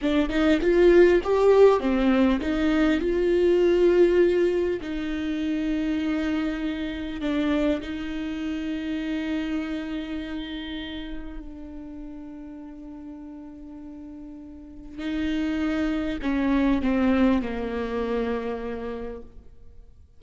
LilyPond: \new Staff \with { instrumentName = "viola" } { \time 4/4 \tempo 4 = 100 d'8 dis'8 f'4 g'4 c'4 | dis'4 f'2. | dis'1 | d'4 dis'2.~ |
dis'2. d'4~ | d'1~ | d'4 dis'2 cis'4 | c'4 ais2. | }